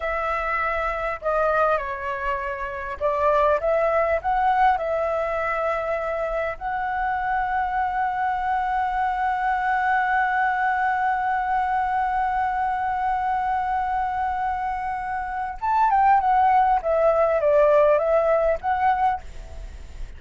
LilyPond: \new Staff \with { instrumentName = "flute" } { \time 4/4 \tempo 4 = 100 e''2 dis''4 cis''4~ | cis''4 d''4 e''4 fis''4 | e''2. fis''4~ | fis''1~ |
fis''1~ | fis''1~ | fis''2 a''8 g''8 fis''4 | e''4 d''4 e''4 fis''4 | }